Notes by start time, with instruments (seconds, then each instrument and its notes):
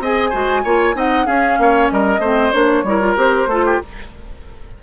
0.00 bassoon C4, clarinet G#4, oboe D#5, flute G#5
0.30 bassoon G#3, clarinet F#4, oboe C5
0.64 bassoon A#3, clarinet F4, oboe C#5
0.94 bassoon C4, clarinet D#4, oboe D#5, flute F#5
1.26 clarinet C#4, bassoon C#4, oboe G#4, flute F5
1.59 bassoon A#3, oboe C#5
1.91 bassoon G3, oboe A#4, flute D#5
2.19 bassoon A3, clarinet C4, oboe C5
2.52 bassoon A#3, clarinet D4, flute C#5
2.84 bassoon G3, clarinet E4, oboe A#4
3.01 clarinet F4
3.16 bassoon C4, clarinet G4, flute C5
3.47 bassoon A3, clarinet F4, oboe A4
3.66 oboe G4